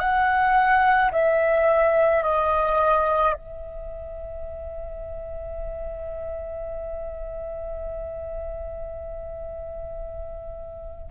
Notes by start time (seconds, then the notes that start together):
0.00 F#5
1.12 E5
2.23 D#5
3.33 E5